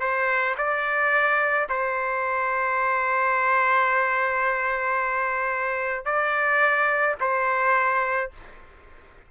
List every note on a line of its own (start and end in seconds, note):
0.00 0.55 C5
0.57 1.67 D5
1.69 6.05 C5
6.05 7.15 D5
7.20 8.30 C5